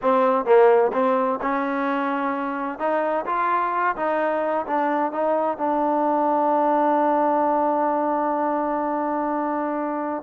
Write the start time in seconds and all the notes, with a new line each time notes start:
0.01 C4
0.45 A#3
0.93 C4
1.41 C#4
2.78 D#4
3.25 F4
3.96 D#4
4.66 D4
5.11 D#4
5.57 D4